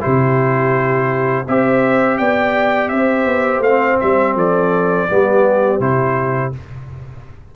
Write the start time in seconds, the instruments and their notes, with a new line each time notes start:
0.00 tuba C3, trombone E4, horn G4, trumpet C5
1.47 tuba C4, trombone G4, horn C5, trumpet E5
2.18 tuba B3, horn D5, trumpet G5
2.88 tuba C4, horn C5, trumpet E5
3.25 tuba B3
3.59 tuba A3, trumpet F5
3.66 trombone C4
4.00 tuba G3, trumpet E5
4.35 tuba F3, horn A4, trumpet D5
5.09 tuba G3, trombone B3, horn G4
5.79 tuba C3, trombone E4, trumpet C5